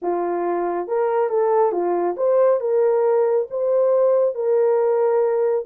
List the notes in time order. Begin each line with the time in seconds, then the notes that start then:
0.02 F4
0.87 A#4
1.29 A4
1.72 F4
2.16 C5
2.60 A#4
3.50 C5
4.35 A#4